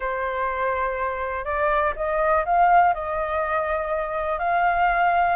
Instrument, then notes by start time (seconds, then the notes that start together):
flute
0.00 C5
1.44 D5
1.95 D#5
2.45 F5
2.94 D#5
4.38 F5